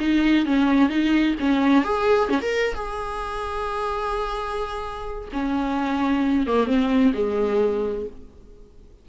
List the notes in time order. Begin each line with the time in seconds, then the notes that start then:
0.00 D#4
0.46 C#4
0.90 D#4
1.40 C#4
1.84 G#4
2.30 C#4
2.42 A#4
2.75 G#4
5.33 C#4
6.47 A#3
6.67 C4
7.14 G#3